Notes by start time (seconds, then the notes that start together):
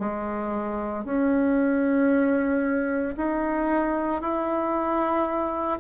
0.00 G#3
1.05 C#4
3.17 D#4
4.22 E4